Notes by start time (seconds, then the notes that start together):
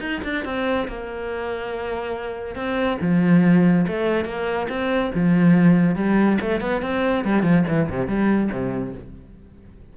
0.00 D#4
0.24 D4
0.45 C4
0.88 A#3
2.55 C4
3.01 F3
3.87 A3
4.25 A#3
4.69 C4
5.15 F3
5.96 G3
6.41 A3
6.61 B3
6.82 C4
7.25 G3
7.43 F3
7.68 E3
7.89 C3
8.08 G3
8.52 C3